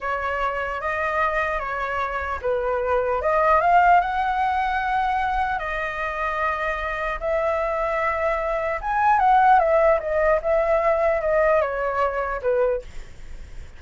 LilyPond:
\new Staff \with { instrumentName = "flute" } { \time 4/4 \tempo 4 = 150 cis''2 dis''2 | cis''2 b'2 | dis''4 f''4 fis''2~ | fis''2 dis''2~ |
dis''2 e''2~ | e''2 gis''4 fis''4 | e''4 dis''4 e''2 | dis''4 cis''2 b'4 | }